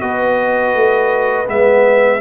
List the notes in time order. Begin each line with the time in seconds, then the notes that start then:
0.00 B3 F#4 B4 D#5
0.74 A3
1.46 G#3 B3 E5